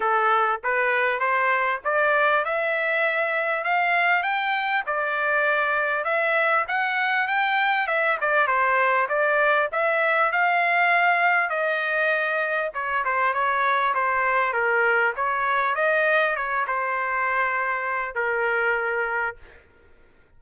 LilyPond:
\new Staff \with { instrumentName = "trumpet" } { \time 4/4 \tempo 4 = 99 a'4 b'4 c''4 d''4 | e''2 f''4 g''4 | d''2 e''4 fis''4 | g''4 e''8 d''8 c''4 d''4 |
e''4 f''2 dis''4~ | dis''4 cis''8 c''8 cis''4 c''4 | ais'4 cis''4 dis''4 cis''8 c''8~ | c''2 ais'2 | }